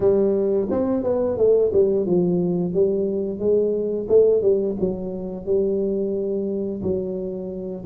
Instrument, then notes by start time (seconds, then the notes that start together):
tuba
0.00 G3
0.70 C4
1.03 B3
1.37 A3
1.73 G3
2.06 F3
2.73 G3
3.39 G#3
4.08 A3
4.42 G3
4.80 F#3
5.45 G3
6.82 F#3